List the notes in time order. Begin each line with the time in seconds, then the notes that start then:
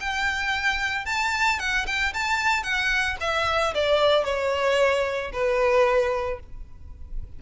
0.00 G5
1.06 A5
1.59 F#5
1.87 G5
2.14 A5
2.63 F#5
3.20 E5
3.75 D5
4.25 C#5
5.33 B4